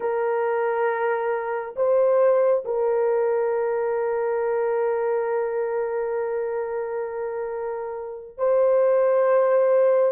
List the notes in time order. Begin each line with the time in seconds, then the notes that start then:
0.00 A#4
1.76 C5
2.65 A#4
8.37 C5